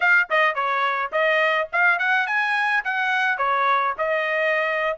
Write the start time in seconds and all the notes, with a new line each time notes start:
0.00 F5
0.30 D#5
0.54 C#5
1.11 D#5
1.72 F5
1.99 F#5
2.26 G#5
2.84 F#5
3.37 C#5
3.98 D#5